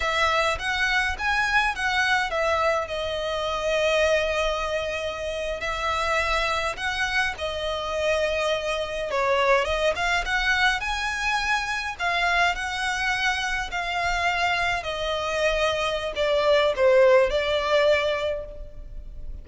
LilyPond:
\new Staff \with { instrumentName = "violin" } { \time 4/4 \tempo 4 = 104 e''4 fis''4 gis''4 fis''4 | e''4 dis''2.~ | dis''4.~ dis''16 e''2 fis''16~ | fis''8. dis''2. cis''16~ |
cis''8. dis''8 f''8 fis''4 gis''4~ gis''16~ | gis''8. f''4 fis''2 f''16~ | f''4.~ f''16 dis''2~ dis''16 | d''4 c''4 d''2 | }